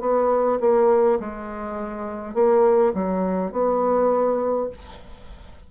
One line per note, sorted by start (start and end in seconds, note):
0.00 0.59 B3
0.60 1.19 A#3
1.20 2.34 G#3
2.34 2.93 A#3
2.94 3.52 F#3
3.52 4.70 B3